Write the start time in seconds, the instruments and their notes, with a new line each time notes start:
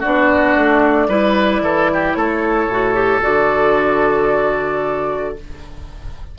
0.00 bassoon B3, clarinet D4, oboe F#4, flute D5
0.56 bassoon A3
1.08 bassoon G3, clarinet E4, oboe B4
1.60 bassoon E3, oboe A4
1.93 oboe G4
2.13 bassoon A3, oboe A4, flute C#5
2.67 bassoon A2, clarinet F#4
2.94 clarinet G4
3.22 bassoon D3, clarinet F#4, flute D5